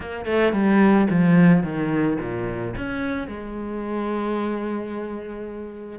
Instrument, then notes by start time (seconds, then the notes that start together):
cello
0.00 A#3
0.25 A3
0.53 G3
1.10 F3
1.63 D#3
2.20 A#2
2.76 C#4
3.27 G#3